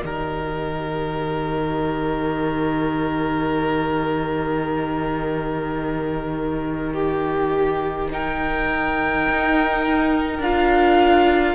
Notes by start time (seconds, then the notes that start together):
0.00 D#3 G4 A#4 D#5
6.93 G4
8.11 D#4 A#4 G5
9.28 D#4
10.38 D4 F4 F5